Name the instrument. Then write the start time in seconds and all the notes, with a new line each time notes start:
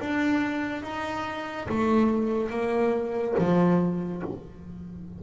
double bass
0.00 D4
0.83 D#4
1.69 A3
2.50 A#3
3.38 F3